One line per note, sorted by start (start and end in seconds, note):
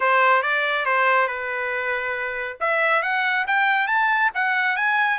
0.00 0.42 C5
0.42 0.85 D5
0.85 1.27 C5
1.27 2.57 B4
2.60 3.02 E5
3.02 3.45 F#5
3.47 3.87 G5
3.87 4.30 A5
4.34 4.76 F#5
4.76 5.18 G#5